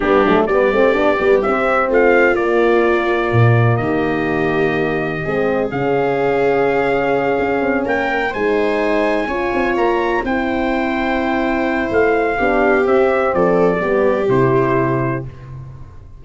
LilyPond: <<
  \new Staff \with { instrumentName = "trumpet" } { \time 4/4 \tempo 4 = 126 g'4 d''2 e''4 | f''4 d''2. | dis''1 | f''1~ |
f''8 g''4 gis''2~ gis''8~ | gis''8 ais''4 g''2~ g''8~ | g''4 f''2 e''4 | d''2 c''2 | }
  \new Staff \with { instrumentName = "viola" } { \time 4/4 d'4 g'2. | f'1 | g'2. gis'4~ | gis'1~ |
gis'8 ais'4 c''2 cis''8~ | cis''4. c''2~ c''8~ | c''2 g'2 | a'4 g'2. | }
  \new Staff \with { instrumentName = "horn" } { \time 4/4 b8 a8 b8 c'8 d'8 b8 c'4~ | c'4 ais2.~ | ais2. c'4 | cis'1~ |
cis'4. dis'2 f'8~ | f'4. e'2~ e'8~ | e'2 d'4 c'4~ | c'4 b4 e'2 | }
  \new Staff \with { instrumentName = "tuba" } { \time 4/4 g8 fis8 g8 a8 b8 g8 c'4 | a4 ais2 ais,4 | dis2. gis4 | cis2.~ cis8 cis'8 |
c'8 ais4 gis2 cis'8 | c'8 ais4 c'2~ c'8~ | c'4 a4 b4 c'4 | f4 g4 c2 | }
>>